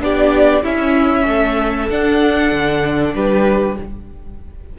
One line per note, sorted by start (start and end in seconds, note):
0.00 0.62 B3
0.00 0.64 D4
0.00 0.63 G4
0.00 0.65 D5
0.63 1.26 C#4
0.63 1.90 C#4
0.63 1.26 E4
0.63 1.89 E5
1.26 1.89 A3
1.26 3.15 A4
1.89 2.52 D4
1.89 3.78 D4
1.89 3.14 F#5
2.52 3.14 D3
3.15 3.77 G3
3.15 3.77 G4
3.15 3.77 B4